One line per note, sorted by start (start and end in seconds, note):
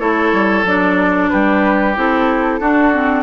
0.00 0.33 A3
0.00 0.65 E4
0.00 1.31 A4
0.00 0.65 C#5
0.33 0.64 G3
0.64 1.29 F#3
0.64 1.96 D4
0.64 1.30 D5
1.30 1.97 G3
1.30 2.60 G4
1.30 1.95 B4
1.96 2.60 C4
1.96 2.61 E4
1.96 3.23 A4
2.60 3.23 D4
2.60 2.94 D4
2.60 3.23 F#4
2.94 3.23 C4